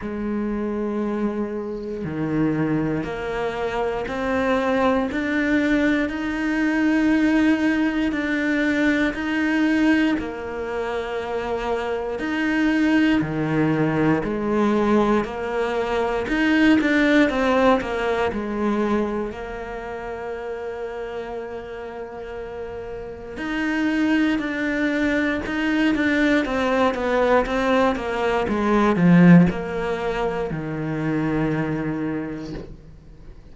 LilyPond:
\new Staff \with { instrumentName = "cello" } { \time 4/4 \tempo 4 = 59 gis2 dis4 ais4 | c'4 d'4 dis'2 | d'4 dis'4 ais2 | dis'4 dis4 gis4 ais4 |
dis'8 d'8 c'8 ais8 gis4 ais4~ | ais2. dis'4 | d'4 dis'8 d'8 c'8 b8 c'8 ais8 | gis8 f8 ais4 dis2 | }